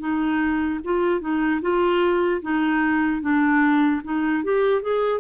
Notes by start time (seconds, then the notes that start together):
0.00 D#4
0.84 F4
1.21 D#4
1.62 F4
2.42 D#4
3.22 D4
4.04 D#4
4.44 G4
4.82 G#4